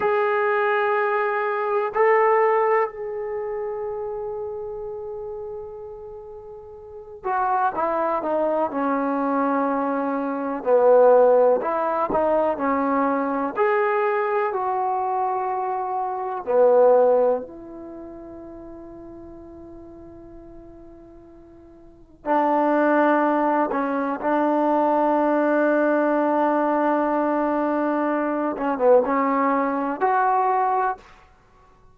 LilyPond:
\new Staff \with { instrumentName = "trombone" } { \time 4/4 \tempo 4 = 62 gis'2 a'4 gis'4~ | gis'2.~ gis'8 fis'8 | e'8 dis'8 cis'2 b4 | e'8 dis'8 cis'4 gis'4 fis'4~ |
fis'4 b4 e'2~ | e'2. d'4~ | d'8 cis'8 d'2.~ | d'4. cis'16 b16 cis'4 fis'4 | }